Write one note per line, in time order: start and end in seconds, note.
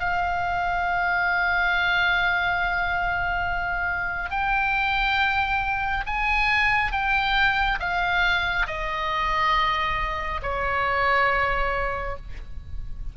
0.00 4.30 F5
4.30 6.04 G5
6.06 6.92 G#5
6.92 7.79 G5
7.79 8.66 F5
8.67 10.41 D#5
10.42 12.16 C#5